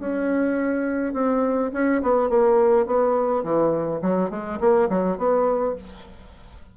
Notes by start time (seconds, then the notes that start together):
0.00 C#4
1.14 C4
1.73 C#4
2.02 B3
2.30 A#3
2.86 B3
3.44 E3
4.02 F#3
4.31 G#3
4.60 A#3
4.90 F#3
5.18 B3